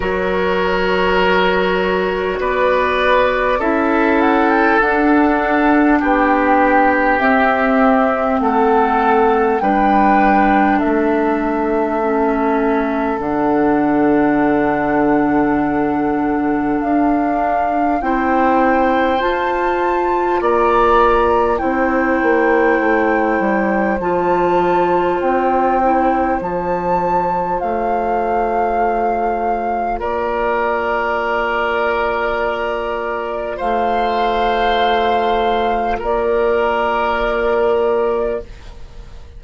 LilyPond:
<<
  \new Staff \with { instrumentName = "flute" } { \time 4/4 \tempo 4 = 50 cis''2 d''4 e''8 fis''16 g''16 | fis''4 g''4 e''4 fis''4 | g''4 e''2 fis''4~ | fis''2 f''4 g''4 |
a''4 ais''4 g''2 | a''4 g''4 a''4 f''4~ | f''4 d''2. | f''2 d''2 | }
  \new Staff \with { instrumentName = "oboe" } { \time 4/4 ais'2 b'4 a'4~ | a'4 g'2 a'4 | b'4 a'2.~ | a'2. c''4~ |
c''4 d''4 c''2~ | c''1~ | c''4 ais'2. | c''2 ais'2 | }
  \new Staff \with { instrumentName = "clarinet" } { \time 4/4 fis'2. e'4 | d'2 c'2 | d'2 cis'4 d'4~ | d'2. e'4 |
f'2 e'2 | f'4. e'8 f'2~ | f'1~ | f'1 | }
  \new Staff \with { instrumentName = "bassoon" } { \time 4/4 fis2 b4 cis'4 | d'4 b4 c'4 a4 | g4 a2 d4~ | d2 d'4 c'4 |
f'4 ais4 c'8 ais8 a8 g8 | f4 c'4 f4 a4~ | a4 ais2. | a2 ais2 | }
>>